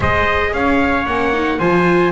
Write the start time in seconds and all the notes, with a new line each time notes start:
0.00 G#3 G#4 C5 D#5
0.53 C#4 C#5 F5
1.06 A#3 C#4 F#5
1.33 D#4
1.59 F3 F4 C5 G#5